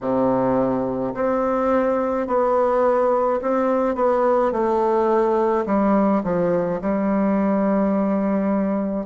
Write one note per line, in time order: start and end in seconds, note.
0.00 1.13 C3
1.14 2.26 C4
2.26 3.40 B3
3.41 3.95 C4
3.95 4.51 B3
4.51 5.64 A3
5.66 6.22 G3
6.23 6.80 F3
6.81 9.06 G3